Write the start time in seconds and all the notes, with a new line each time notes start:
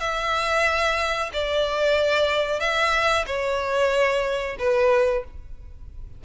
0.00 E5
1.33 D5
2.60 E5
3.26 C#5
4.59 B4